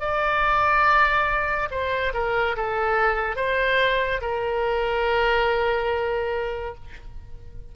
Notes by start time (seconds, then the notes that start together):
0.00 D5
1.71 C5
2.14 A#4
2.57 A4
3.36 C5
4.21 A#4